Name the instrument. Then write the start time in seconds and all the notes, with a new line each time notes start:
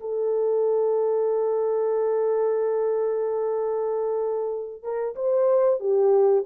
horn
0.00 A4
4.83 A#4
5.16 C5
5.80 G4